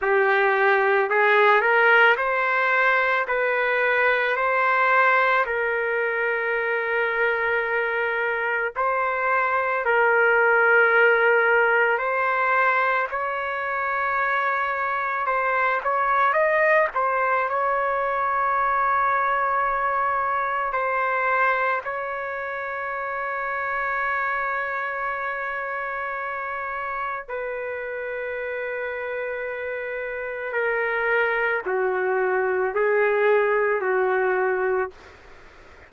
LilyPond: \new Staff \with { instrumentName = "trumpet" } { \time 4/4 \tempo 4 = 55 g'4 gis'8 ais'8 c''4 b'4 | c''4 ais'2. | c''4 ais'2 c''4 | cis''2 c''8 cis''8 dis''8 c''8 |
cis''2. c''4 | cis''1~ | cis''4 b'2. | ais'4 fis'4 gis'4 fis'4 | }